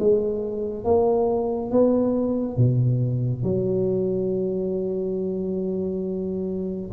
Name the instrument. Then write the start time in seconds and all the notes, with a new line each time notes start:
tuba
0.00 G#3
0.85 A#3
1.72 B3
2.57 B2
3.43 F#3